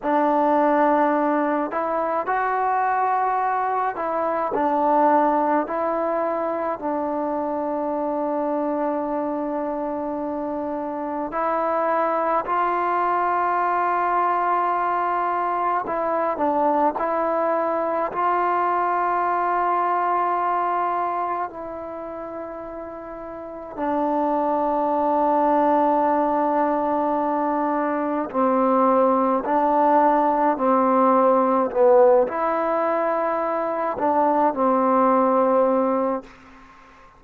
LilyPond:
\new Staff \with { instrumentName = "trombone" } { \time 4/4 \tempo 4 = 53 d'4. e'8 fis'4. e'8 | d'4 e'4 d'2~ | d'2 e'4 f'4~ | f'2 e'8 d'8 e'4 |
f'2. e'4~ | e'4 d'2.~ | d'4 c'4 d'4 c'4 | b8 e'4. d'8 c'4. | }